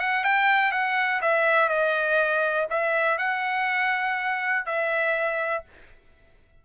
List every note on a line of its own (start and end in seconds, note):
0.00 0.24 F#5
0.24 0.72 G5
0.72 1.21 F#5
1.22 1.69 E5
1.69 2.67 D#5
2.70 3.18 E5
3.18 4.66 F#5
4.66 5.64 E5